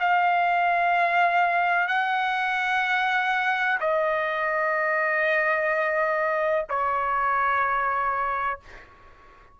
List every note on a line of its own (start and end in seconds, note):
0.00 1.88 F5
1.88 3.79 F#5
3.81 6.66 D#5
6.69 8.60 C#5